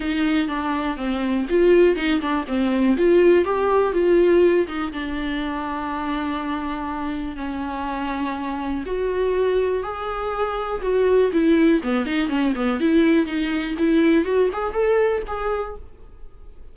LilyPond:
\new Staff \with { instrumentName = "viola" } { \time 4/4 \tempo 4 = 122 dis'4 d'4 c'4 f'4 | dis'8 d'8 c'4 f'4 g'4 | f'4. dis'8 d'2~ | d'2. cis'4~ |
cis'2 fis'2 | gis'2 fis'4 e'4 | b8 dis'8 cis'8 b8 e'4 dis'4 | e'4 fis'8 gis'8 a'4 gis'4 | }